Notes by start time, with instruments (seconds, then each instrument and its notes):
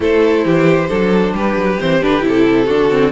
0.00 cello A3, viola E4, violin A4 C5
0.44 cello E3, violin G4
0.88 cello F#3, viola D4, violin A4
1.33 cello G3, violin G4 B4
1.55 cello F#3
1.80 cello E3, viola C4, violin C5
2.01 cello D3, viola D4, violin B4
2.21 cello C3, viola E4
2.28 violin A4
2.65 cello D3, viola D4, violin F#4
2.90 viola C4